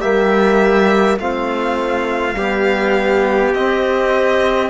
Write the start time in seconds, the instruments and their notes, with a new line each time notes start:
0.00 cello G3, trombone A#3, trumpet G4, violin E5
1.17 cello A3, trombone C4, trumpet F4, violin F5
2.33 trombone G3, cello B3, trumpet G4
3.53 cello C4, trombone C4, violin D#5